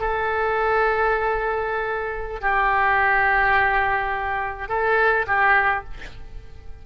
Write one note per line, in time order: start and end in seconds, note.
0.00 2.41 A4
2.41 4.69 G4
4.69 5.26 A4
5.27 5.84 G4